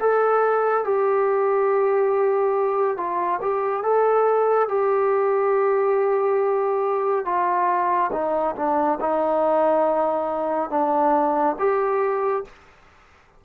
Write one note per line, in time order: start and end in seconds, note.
0.00 0.84 A4
0.84 2.97 G4
2.97 3.40 F4
3.42 3.83 G4
3.83 4.68 A4
4.68 7.25 G4
7.25 8.11 F4
8.12 8.55 D#4
8.56 8.99 D4
9.00 10.70 D#4
10.70 11.56 D4
11.59 12.44 G4